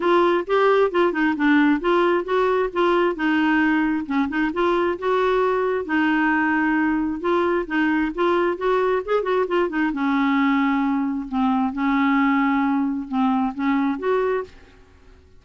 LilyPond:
\new Staff \with { instrumentName = "clarinet" } { \time 4/4 \tempo 4 = 133 f'4 g'4 f'8 dis'8 d'4 | f'4 fis'4 f'4 dis'4~ | dis'4 cis'8 dis'8 f'4 fis'4~ | fis'4 dis'2. |
f'4 dis'4 f'4 fis'4 | gis'8 fis'8 f'8 dis'8 cis'2~ | cis'4 c'4 cis'2~ | cis'4 c'4 cis'4 fis'4 | }